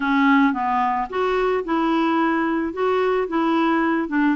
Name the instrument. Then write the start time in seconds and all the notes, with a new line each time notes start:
clarinet
0.00 C#4
0.53 B3
1.09 F#4
1.64 E4
2.73 F#4
3.28 E4
4.08 D4